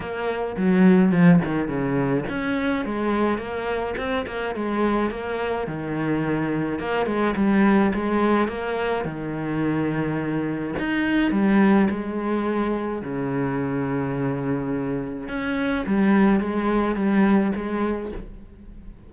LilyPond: \new Staff \with { instrumentName = "cello" } { \time 4/4 \tempo 4 = 106 ais4 fis4 f8 dis8 cis4 | cis'4 gis4 ais4 c'8 ais8 | gis4 ais4 dis2 | ais8 gis8 g4 gis4 ais4 |
dis2. dis'4 | g4 gis2 cis4~ | cis2. cis'4 | g4 gis4 g4 gis4 | }